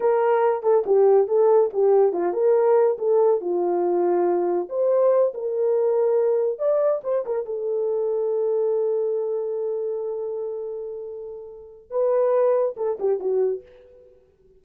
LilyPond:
\new Staff \with { instrumentName = "horn" } { \time 4/4 \tempo 4 = 141 ais'4. a'8 g'4 a'4 | g'4 f'8 ais'4. a'4 | f'2. c''4~ | c''8 ais'2. d''8~ |
d''8 c''8 ais'8 a'2~ a'8~ | a'1~ | a'1 | b'2 a'8 g'8 fis'4 | }